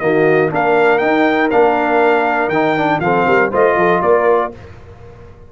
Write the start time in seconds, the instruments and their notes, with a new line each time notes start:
0.00 tuba D#3, trombone A#3, horn F#4, trumpet D#5
0.51 tuba A#3, trombone D4, horn A#4, trumpet F5
0.99 trombone D#4, tuba D#4, trumpet G5
1.51 tuba A#3, trombone D4, trumpet F5
2.49 tuba D#3, trombone D#4, trumpet G5
2.77 trombone D4
3.00 tuba F3, trombone C4, horn A4, trumpet F5
3.27 tuba G3, horn A#4
3.51 tuba A3, trombone F4, horn C5, trumpet D#5
3.76 tuba F3, horn A4
4.02 tuba A#3, horn A#4, trumpet D5